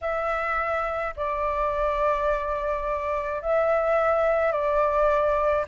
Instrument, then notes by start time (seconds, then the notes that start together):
flute
0.01 E5
1.16 D5
3.42 E5
4.52 D5